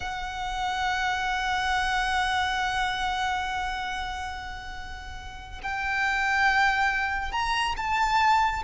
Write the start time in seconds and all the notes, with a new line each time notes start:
0.00 F#5
5.63 G5
7.32 A#5
7.77 A5